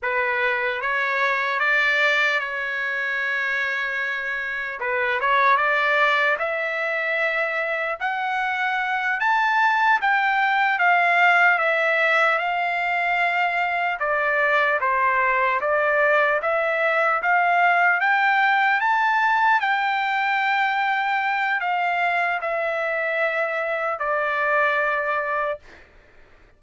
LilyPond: \new Staff \with { instrumentName = "trumpet" } { \time 4/4 \tempo 4 = 75 b'4 cis''4 d''4 cis''4~ | cis''2 b'8 cis''8 d''4 | e''2 fis''4. a''8~ | a''8 g''4 f''4 e''4 f''8~ |
f''4. d''4 c''4 d''8~ | d''8 e''4 f''4 g''4 a''8~ | a''8 g''2~ g''8 f''4 | e''2 d''2 | }